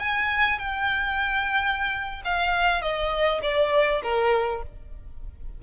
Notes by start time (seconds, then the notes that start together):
0.00 G#5
0.59 G5
2.25 F5
2.82 D#5
3.43 D5
4.04 A#4